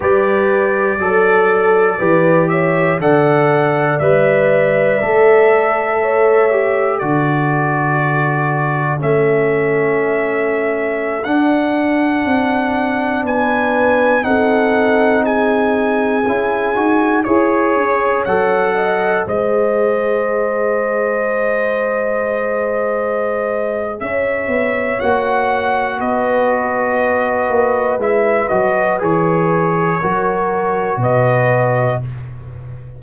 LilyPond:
<<
  \new Staff \with { instrumentName = "trumpet" } { \time 4/4 \tempo 4 = 60 d''2~ d''8 e''8 fis''4 | e''2. d''4~ | d''4 e''2~ e''16 fis''8.~ | fis''4~ fis''16 gis''4 fis''4 gis''8.~ |
gis''4~ gis''16 cis''4 fis''4 dis''8.~ | dis''1 | e''4 fis''4 dis''2 | e''8 dis''8 cis''2 dis''4 | }
  \new Staff \with { instrumentName = "horn" } { \time 4/4 b'4 a'4 b'8 cis''8 d''4~ | d''2 cis''4 a'4~ | a'1~ | a'4~ a'16 b'4 a'4 gis'8.~ |
gis'4~ gis'16 cis''4. dis''8 c''8.~ | c''1 | cis''2 b'2~ | b'2 ais'4 b'4 | }
  \new Staff \with { instrumentName = "trombone" } { \time 4/4 g'4 a'4 g'4 a'4 | b'4 a'4. g'8 fis'4~ | fis'4 cis'2~ cis'16 d'8.~ | d'2~ d'16 dis'4.~ dis'16~ |
dis'16 e'8 fis'8 gis'4 a'4 gis'8.~ | gis'1~ | gis'4 fis'2. | e'8 fis'8 gis'4 fis'2 | }
  \new Staff \with { instrumentName = "tuba" } { \time 4/4 g4 fis4 e4 d4 | g4 a2 d4~ | d4 a2~ a16 d'8.~ | d'16 c'4 b4 c'4.~ c'16~ |
c'16 cis'8 dis'8 e'8 cis'8 fis4 gis8.~ | gis1 | cis'8 b8 ais4 b4. ais8 | gis8 fis8 e4 fis4 b,4 | }
>>